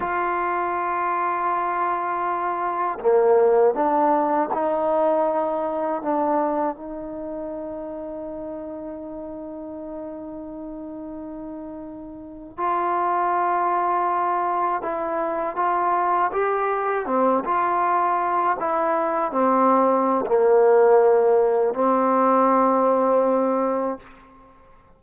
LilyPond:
\new Staff \with { instrumentName = "trombone" } { \time 4/4 \tempo 4 = 80 f'1 | ais4 d'4 dis'2 | d'4 dis'2.~ | dis'1~ |
dis'8. f'2. e'16~ | e'8. f'4 g'4 c'8 f'8.~ | f'8. e'4 c'4~ c'16 ais4~ | ais4 c'2. | }